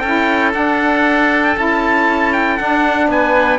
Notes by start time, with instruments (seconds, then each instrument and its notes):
0.00 cello C#4, saxophone E4, oboe A4, trumpet G5
0.53 saxophone D4, cello D4, trumpet F#5
1.44 trumpet G5
1.57 cello C#4, saxophone E4, trumpet A5
2.33 trumpet G5
2.58 saxophone D4, cello D4, trumpet F#5
3.08 cello B3, oboe B4, trumpet G#5